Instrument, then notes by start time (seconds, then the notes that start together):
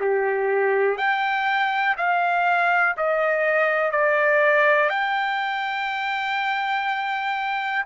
trumpet
0.00 G4
0.97 G5
1.97 F5
2.97 D#5
3.91 D5
4.89 G5